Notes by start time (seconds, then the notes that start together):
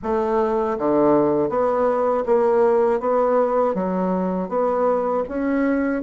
0.02 A3
0.78 D3
1.49 B3
2.26 A#3
3.00 B3
3.74 F#3
4.48 B3
5.28 C#4